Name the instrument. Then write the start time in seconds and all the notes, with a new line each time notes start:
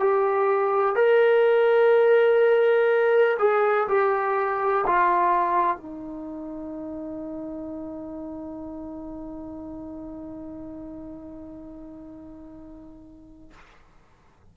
trombone
0.00 G4
0.96 A#4
3.39 G#4
3.88 G4
4.87 F4
5.77 D#4